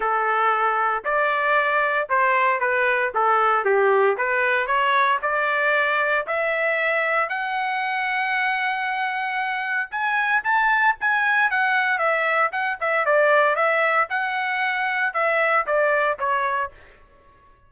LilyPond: \new Staff \with { instrumentName = "trumpet" } { \time 4/4 \tempo 4 = 115 a'2 d''2 | c''4 b'4 a'4 g'4 | b'4 cis''4 d''2 | e''2 fis''2~ |
fis''2. gis''4 | a''4 gis''4 fis''4 e''4 | fis''8 e''8 d''4 e''4 fis''4~ | fis''4 e''4 d''4 cis''4 | }